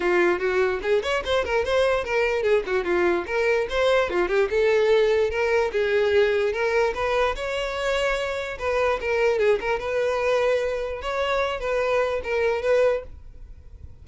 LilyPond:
\new Staff \with { instrumentName = "violin" } { \time 4/4 \tempo 4 = 147 f'4 fis'4 gis'8 cis''8 c''8 ais'8 | c''4 ais'4 gis'8 fis'8 f'4 | ais'4 c''4 f'8 g'8 a'4~ | a'4 ais'4 gis'2 |
ais'4 b'4 cis''2~ | cis''4 b'4 ais'4 gis'8 ais'8 | b'2. cis''4~ | cis''8 b'4. ais'4 b'4 | }